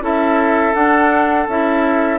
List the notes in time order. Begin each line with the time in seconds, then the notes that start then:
0.00 C#4 E4 A4 E5
0.74 D4 F#5
1.47 C#4 E4 E5